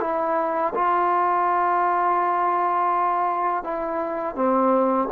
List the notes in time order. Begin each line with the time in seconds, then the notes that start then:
0.00 E4
0.75 F4
3.64 E4
4.35 C4